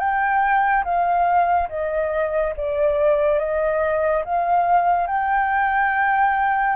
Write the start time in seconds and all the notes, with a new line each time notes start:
0.00 G5
0.85 F5
1.69 D#5
2.57 D5
3.39 D#5
4.25 F5
5.07 G5